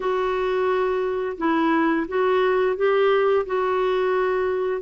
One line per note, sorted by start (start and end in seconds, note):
0.00 1.37 F#4
1.37 2.06 E4
2.08 2.76 F#4
2.76 3.45 G4
3.45 4.81 F#4